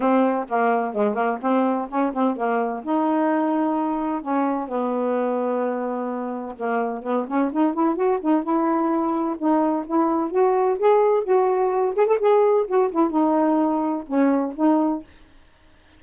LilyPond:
\new Staff \with { instrumentName = "saxophone" } { \time 4/4 \tempo 4 = 128 c'4 ais4 gis8 ais8 c'4 | cis'8 c'8 ais4 dis'2~ | dis'4 cis'4 b2~ | b2 ais4 b8 cis'8 |
dis'8 e'8 fis'8 dis'8 e'2 | dis'4 e'4 fis'4 gis'4 | fis'4. gis'16 a'16 gis'4 fis'8 e'8 | dis'2 cis'4 dis'4 | }